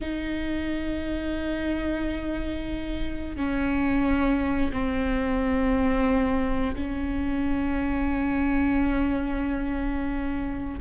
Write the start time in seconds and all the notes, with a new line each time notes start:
0.00 D#4
3.36 C#4
4.72 C4
6.75 C#4